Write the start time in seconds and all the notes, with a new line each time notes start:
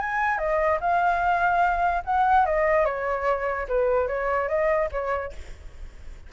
0.00 G#5
0.38 D#5
0.81 F5
2.05 F#5
2.46 D#5
2.86 C#5
3.68 B4
4.08 C#5
4.48 D#5
4.92 C#5